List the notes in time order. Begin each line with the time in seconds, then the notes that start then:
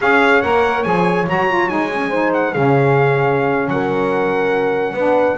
0.01 C#4 G#4 C#5 F5
0.41 A#3 A#4 F#5
0.83 F3 G#4 G#5
1.27 F#3 F#4 A#5
1.48 F4
1.68 G#3 D#4 G#5
1.91 C#4
2.09 D#4 C5
2.33 F#5
2.52 C#3 C#4 G#4 F5
3.68 F#3 A#4 F#5
4.93 B3 D4 B4